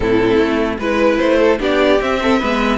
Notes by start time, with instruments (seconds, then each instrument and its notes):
0.00 cello A2, viola C4, violin E4 A4
0.38 cello A3
0.78 cello G#3, viola E4, violin B4
1.18 cello A3, violin C5
1.39 violin A4
1.58 cello B3, viola D4, violin G4 D5
2.00 cello C4, viola C4, violin E5
2.22 violin A4
2.39 cello G#3, viola B3, violin B4